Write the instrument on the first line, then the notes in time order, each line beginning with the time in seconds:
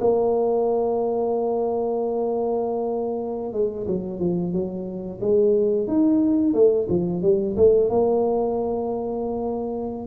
tuba
0.00 A#3
3.53 G#3
3.87 F#3
4.19 F3
4.53 F#3
5.21 G#3
5.87 D#4
6.54 A3
6.89 F3
7.22 G3
7.57 A3
7.89 A#3